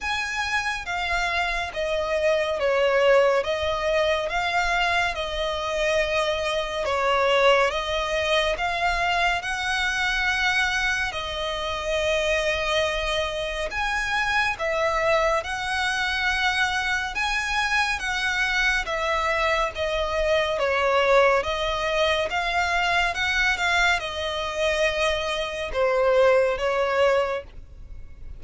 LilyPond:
\new Staff \with { instrumentName = "violin" } { \time 4/4 \tempo 4 = 70 gis''4 f''4 dis''4 cis''4 | dis''4 f''4 dis''2 | cis''4 dis''4 f''4 fis''4~ | fis''4 dis''2. |
gis''4 e''4 fis''2 | gis''4 fis''4 e''4 dis''4 | cis''4 dis''4 f''4 fis''8 f''8 | dis''2 c''4 cis''4 | }